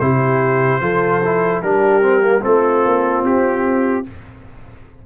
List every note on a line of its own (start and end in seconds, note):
0.00 0.81 C3
0.00 0.81 E4
0.00 0.81 G4
0.00 1.62 C5
0.81 1.62 F3
0.81 1.21 F4
0.81 1.62 A4
1.25 1.64 E4
1.62 2.44 G3
1.62 2.02 D4
1.62 2.43 G4
1.62 2.44 A#4
2.02 2.20 C4
2.20 2.41 A#3
2.42 2.86 A3
2.42 4.04 C4
2.42 4.06 F4
2.42 3.25 A4
2.86 3.23 A#3
3.23 4.04 C4
3.23 4.07 G4